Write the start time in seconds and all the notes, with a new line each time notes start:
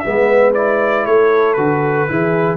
0.00 G#3 B3 E5
0.07 B4
0.54 E4 D5
1.06 A3 A4 C#5
1.54 D3 F#4 B4
2.09 E3 E4 G#4